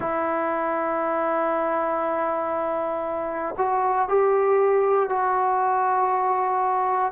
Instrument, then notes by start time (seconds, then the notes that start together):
trombone
0.00 E4
3.57 F#4
4.08 G4
5.08 F#4